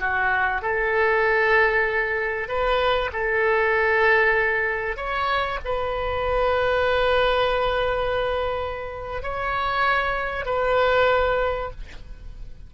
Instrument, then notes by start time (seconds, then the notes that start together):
oboe
0.00 F#4
0.62 A4
2.49 B4
3.13 A4
4.97 C#5
5.65 B4
9.23 C#5
10.46 B4